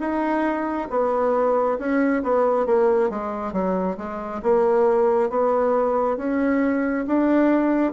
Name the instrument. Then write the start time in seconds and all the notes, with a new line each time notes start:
bassoon
0.00 D#4
0.90 B3
1.79 C#4
2.23 B3
2.67 A#3
3.10 G#3
3.53 F#3
3.98 G#3
4.43 A#3
5.30 B3
6.17 C#4
7.07 D4